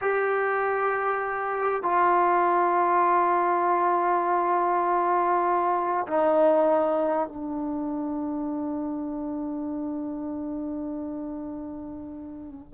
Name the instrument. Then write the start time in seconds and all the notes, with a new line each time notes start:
trombone
0.01 G4
1.82 F4
6.07 D#4
7.28 D4